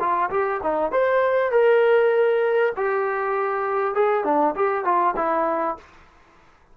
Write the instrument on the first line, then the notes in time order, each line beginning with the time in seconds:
trombone
0.00 F4
0.31 G4
0.63 D#4
0.92 C5
1.52 A#4
2.77 G4
3.95 G#4
4.25 D4
4.56 G4
4.85 F4
5.17 E4